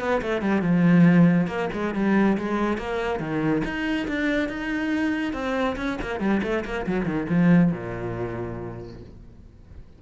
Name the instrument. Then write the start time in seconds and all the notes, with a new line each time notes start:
cello
0.00 B3
0.22 A3
0.42 G3
0.62 F3
1.47 A#3
1.73 G#3
1.94 G3
2.38 G#3
2.78 A#3
3.20 D#3
3.65 D#4
4.08 D4
4.49 D#4
5.33 C4
5.77 C#4
6.02 A#3
6.20 G3
6.43 A3
6.65 A#3
6.87 F#3
7.06 D#3
7.29 F3
7.72 A#2